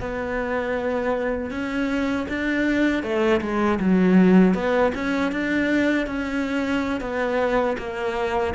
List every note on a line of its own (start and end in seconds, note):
0.00 1.51 B3
1.51 2.27 C#4
2.29 3.03 D4
3.03 3.41 A3
3.41 3.79 G#3
3.80 4.55 F#3
4.55 4.93 B3
4.95 5.32 C#4
5.32 6.07 D4
6.07 7.01 C#4
7.01 7.77 B3
7.78 8.54 A#3